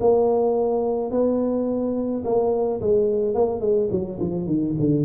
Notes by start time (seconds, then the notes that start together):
0.00 A#3
1.11 B3
2.24 A#3
2.81 G#3
3.35 A#3
3.60 G#3
3.91 F#3
4.20 F3
4.46 D#3
4.79 D3